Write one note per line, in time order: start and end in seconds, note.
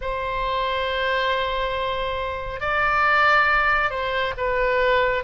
0.01 2.60 C5
2.60 3.90 D5
3.90 4.33 C5
4.37 5.23 B4